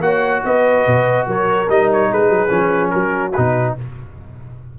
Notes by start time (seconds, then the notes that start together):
0.00 A#3 F#4 C#5 F#5
0.44 B3 B4 D#5
0.86 B2
1.27 F#3 A#4 C#5
1.68 G3 D#4 D#5
1.92 C#5
2.10 G#3 G#4 B4
2.29 F#3
2.48 F3 C#4
2.90 F#3 F#4 A#4
3.33 B2 D#4 B4